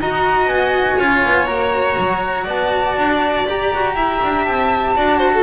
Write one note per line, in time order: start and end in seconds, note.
0.00 0.46 D#4
0.00 1.00 F#4
0.00 0.97 D#5
0.00 0.48 A#5
0.46 0.96 B3
0.46 1.46 G#5
0.97 1.24 C#4
0.97 1.47 F4
0.97 2.45 C#5
1.25 1.48 B3
1.46 1.97 A#3
1.46 3.45 F#4
1.46 2.46 A#5
1.98 2.47 F#3
2.45 2.97 B3
2.45 3.93 D5
2.45 3.48 A5
2.98 3.47 D4
3.47 4.96 G4
3.47 3.73 G4
3.47 4.45 A#5
3.74 3.96 F#4
3.96 4.20 E4
3.96 4.95 E5
4.23 4.48 D4
4.45 4.97 C4
4.45 5.44 A5
4.96 5.44 D4
4.96 5.44 F#4
4.96 5.19 D5
5.19 5.31 C5
5.33 5.44 A4